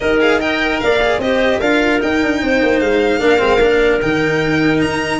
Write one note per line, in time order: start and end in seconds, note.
0.00 0.81 D#4
0.00 0.20 G4
0.00 0.41 A#4
0.00 0.20 D#5
0.20 0.40 G#4
0.20 0.40 F5
0.40 1.00 A#4
0.40 0.81 D#5
0.40 0.80 G5
0.80 1.18 A#3
0.80 1.22 D5
0.80 1.20 F5
1.01 1.21 G#4
1.18 1.58 C4
1.18 1.62 G4
1.18 1.59 C5
1.18 1.60 D#5
1.59 2.00 D4
1.59 1.99 F4
1.59 2.39 A#4
1.59 2.00 F5
1.99 3.19 D#4
1.99 2.22 D#4
1.99 2.79 G5
2.22 2.42 D4
2.42 2.62 C4
2.42 3.22 C5
2.62 2.80 A#3
2.79 3.18 G#3
2.79 3.99 F5
3.18 3.38 A#3
3.18 3.38 D4
3.18 5.20 A#4
3.38 3.57 G#3
3.38 3.58 C4
3.57 3.97 A#3
3.57 4.00 D4
4.01 4.82 D#3
4.01 5.20 D#4
4.01 4.81 G5
4.81 5.20 D#4
4.81 5.20 A#5